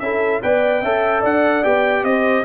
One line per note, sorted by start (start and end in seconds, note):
0.00 0.42 C#4
0.00 0.43 E4
0.00 0.43 A4
0.00 0.41 E5
0.43 0.83 B3
0.43 0.83 B4
0.43 0.82 D5
0.43 1.24 G5
0.82 1.23 C#4
0.82 1.63 A4
0.82 1.22 E5
1.22 1.64 D4
1.22 2.03 D5
1.22 1.64 F#5
1.63 2.03 B3
1.63 2.44 G4
1.63 2.05 G5
2.03 2.44 C4
2.03 2.46 C5
2.03 2.45 D#5